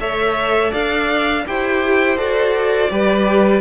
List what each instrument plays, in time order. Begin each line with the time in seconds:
0.00 cello A3, viola A4, violin C#5 E5
0.71 cello D4, violin D5 F5
1.46 cello E4, viola G4, violin C5 G5
2.17 cello F#4, viola A4, violin D5
2.91 cello G3, viola G4, violin B4